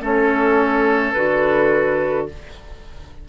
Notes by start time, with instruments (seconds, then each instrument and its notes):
0.00 bassoon A3, clarinet C#4, oboe A4, flute C#5
1.12 bassoon D3, clarinet F#4, flute B4